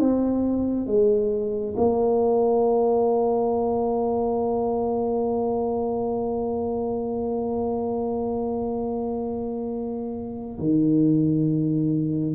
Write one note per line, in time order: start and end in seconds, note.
0.00 0.87 C4
0.87 1.75 G#3
1.77 10.59 A#3
10.59 12.35 D#3